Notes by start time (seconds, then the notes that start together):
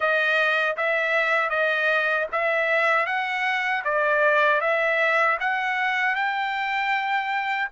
0.00 D#5
0.77 E5
1.49 D#5
2.31 E5
3.06 F#5
3.84 D5
4.60 E5
5.40 F#5
6.15 G5